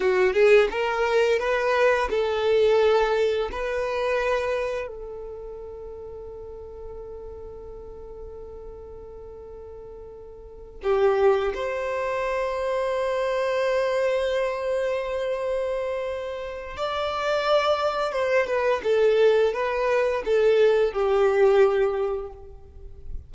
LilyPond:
\new Staff \with { instrumentName = "violin" } { \time 4/4 \tempo 4 = 86 fis'8 gis'8 ais'4 b'4 a'4~ | a'4 b'2 a'4~ | a'1~ | a'2.~ a'8 g'8~ |
g'8 c''2.~ c''8~ | c''1 | d''2 c''8 b'8 a'4 | b'4 a'4 g'2 | }